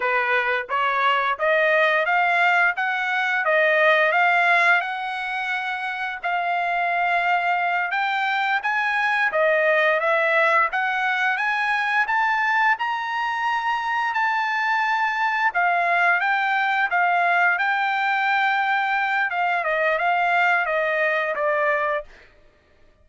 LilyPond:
\new Staff \with { instrumentName = "trumpet" } { \time 4/4 \tempo 4 = 87 b'4 cis''4 dis''4 f''4 | fis''4 dis''4 f''4 fis''4~ | fis''4 f''2~ f''8 g''8~ | g''8 gis''4 dis''4 e''4 fis''8~ |
fis''8 gis''4 a''4 ais''4.~ | ais''8 a''2 f''4 g''8~ | g''8 f''4 g''2~ g''8 | f''8 dis''8 f''4 dis''4 d''4 | }